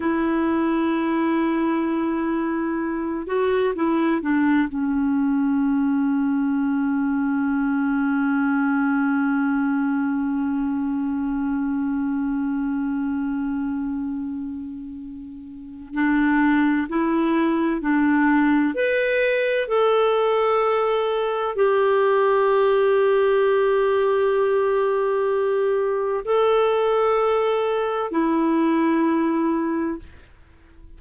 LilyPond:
\new Staff \with { instrumentName = "clarinet" } { \time 4/4 \tempo 4 = 64 e'2.~ e'8 fis'8 | e'8 d'8 cis'2.~ | cis'1~ | cis'1~ |
cis'4 d'4 e'4 d'4 | b'4 a'2 g'4~ | g'1 | a'2 e'2 | }